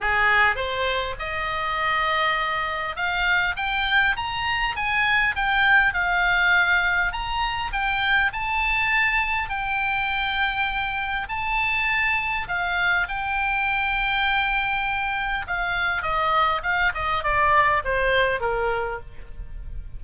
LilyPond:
\new Staff \with { instrumentName = "oboe" } { \time 4/4 \tempo 4 = 101 gis'4 c''4 dis''2~ | dis''4 f''4 g''4 ais''4 | gis''4 g''4 f''2 | ais''4 g''4 a''2 |
g''2. a''4~ | a''4 f''4 g''2~ | g''2 f''4 dis''4 | f''8 dis''8 d''4 c''4 ais'4 | }